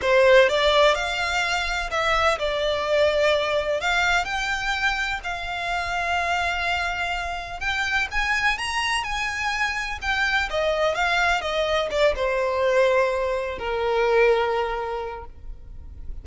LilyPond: \new Staff \with { instrumentName = "violin" } { \time 4/4 \tempo 4 = 126 c''4 d''4 f''2 | e''4 d''2. | f''4 g''2 f''4~ | f''1 |
g''4 gis''4 ais''4 gis''4~ | gis''4 g''4 dis''4 f''4 | dis''4 d''8 c''2~ c''8~ | c''8 ais'2.~ ais'8 | }